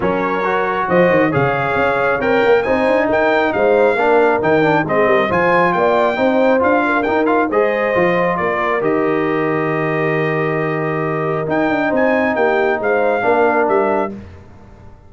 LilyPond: <<
  \new Staff \with { instrumentName = "trumpet" } { \time 4/4 \tempo 4 = 136 cis''2 dis''4 f''4~ | f''4 g''4 gis''4 g''4 | f''2 g''4 dis''4 | gis''4 g''2 f''4 |
g''8 f''8 dis''2 d''4 | dis''1~ | dis''2 g''4 gis''4 | g''4 f''2 e''4 | }
  \new Staff \with { instrumentName = "horn" } { \time 4/4 ais'2 c''4 cis''4~ | cis''2 c''4 ais'4 | c''4 ais'2 gis'8 ais'8 | c''4 d''4 c''4. ais'8~ |
ais'4 c''2 ais'4~ | ais'1~ | ais'2. c''4 | g'4 c''4 ais'2 | }
  \new Staff \with { instrumentName = "trombone" } { \time 4/4 cis'4 fis'2 gis'4~ | gis'4 ais'4 dis'2~ | dis'4 d'4 dis'8 d'8 c'4 | f'2 dis'4 f'4 |
dis'8 f'8 gis'4 f'2 | g'1~ | g'2 dis'2~ | dis'2 d'2 | }
  \new Staff \with { instrumentName = "tuba" } { \time 4/4 fis2 f8 dis8 cis4 | cis'4 c'8 ais8 c'8 d'8 dis'4 | gis4 ais4 dis4 gis8 g8 | f4 ais4 c'4 d'4 |
dis'4 gis4 f4 ais4 | dis1~ | dis2 dis'8 d'8 c'4 | ais4 gis4 ais4 g4 | }
>>